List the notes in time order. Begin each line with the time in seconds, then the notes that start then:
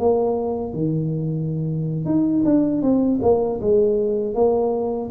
0.00 A#3
0.74 D#3
2.06 D#4
2.45 D4
2.83 C4
3.22 A#3
3.61 G#3
4.35 A#3